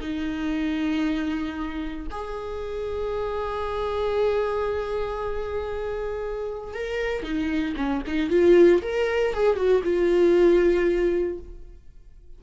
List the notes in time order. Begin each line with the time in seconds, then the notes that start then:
0.00 D#4
2.11 G#4
6.74 A#4
7.23 D#4
7.76 C#4
8.06 D#4
8.30 F4
8.82 A#4
9.33 G#4
9.56 F#4
9.83 F4